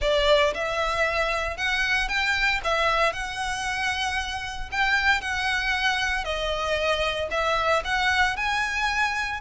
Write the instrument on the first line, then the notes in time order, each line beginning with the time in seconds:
violin
0.01 D5
0.54 E5
1.57 F#5
2.08 G5
2.63 E5
3.12 F#5
4.71 G5
5.21 F#5
6.24 D#5
7.30 E5
7.84 F#5
8.36 G#5